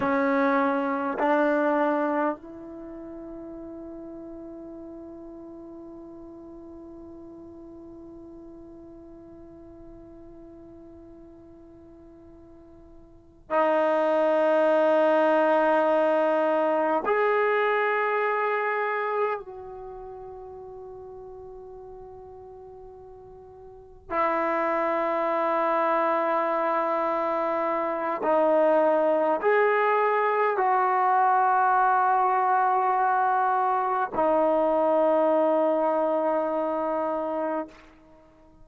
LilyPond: \new Staff \with { instrumentName = "trombone" } { \time 4/4 \tempo 4 = 51 cis'4 d'4 e'2~ | e'1~ | e'2.~ e'8 dis'8~ | dis'2~ dis'8 gis'4.~ |
gis'8 fis'2.~ fis'8~ | fis'8 e'2.~ e'8 | dis'4 gis'4 fis'2~ | fis'4 dis'2. | }